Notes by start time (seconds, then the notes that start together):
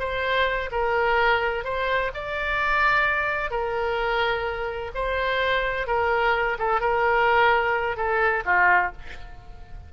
0.00 C5
0.72 A#4
1.65 C5
2.15 D5
3.51 A#4
4.95 C5
5.87 A#4
6.59 A4
6.81 A#4
7.97 A4
8.46 F4